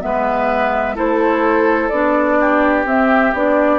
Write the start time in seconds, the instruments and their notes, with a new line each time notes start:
0.00 bassoon G#3, clarinet B3, oboe B4, flute E5
0.95 bassoon A3, clarinet E4, oboe A4, flute C5
1.89 bassoon B3, clarinet D4, flute D5
2.40 oboe G4
2.85 bassoon C4, clarinet C4, flute E5
3.34 bassoon B3, clarinet D4, flute D5